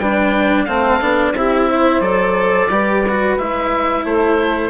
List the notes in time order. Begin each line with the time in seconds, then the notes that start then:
0.00 G3 D4 B4 G5
0.65 A3 C4 A4 F5
1.02 B3 D4
1.33 C4 E4 G4 E5
1.69 C5
2.01 F#3 A4 D5
2.70 G3 G4 B4
3.09 F#4
3.39 G#3 E4 E5
4.05 A3 A4 C5